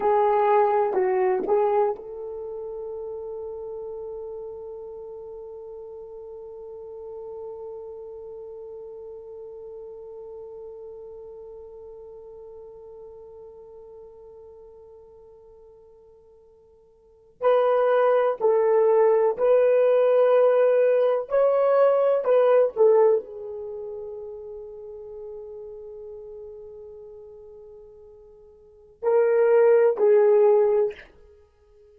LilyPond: \new Staff \with { instrumentName = "horn" } { \time 4/4 \tempo 4 = 62 gis'4 fis'8 gis'8 a'2~ | a'1~ | a'1~ | a'1~ |
a'2 b'4 a'4 | b'2 cis''4 b'8 a'8 | gis'1~ | gis'2 ais'4 gis'4 | }